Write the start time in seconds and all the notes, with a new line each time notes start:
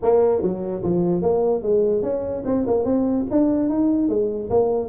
0.02 A#3
0.41 F#3
0.83 F3
1.22 A#3
1.62 G#3
2.02 C#4
2.45 C4
2.66 A#3
2.85 C4
3.30 D4
3.69 D#4
4.08 G#3
4.49 A#3